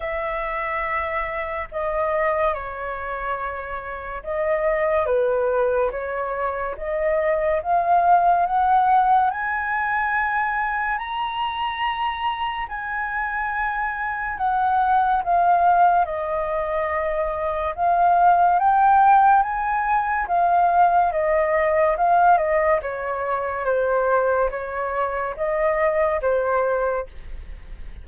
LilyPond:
\new Staff \with { instrumentName = "flute" } { \time 4/4 \tempo 4 = 71 e''2 dis''4 cis''4~ | cis''4 dis''4 b'4 cis''4 | dis''4 f''4 fis''4 gis''4~ | gis''4 ais''2 gis''4~ |
gis''4 fis''4 f''4 dis''4~ | dis''4 f''4 g''4 gis''4 | f''4 dis''4 f''8 dis''8 cis''4 | c''4 cis''4 dis''4 c''4 | }